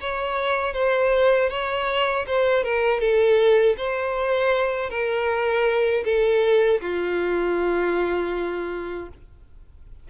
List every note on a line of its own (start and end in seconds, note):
0.00 0.73 C#5
0.73 1.49 C5
1.49 2.25 C#5
2.27 2.63 C5
2.63 3.00 A#4
3.00 3.76 A4
3.77 4.90 C5
4.90 6.04 A#4
6.04 6.80 A4
6.81 9.09 F4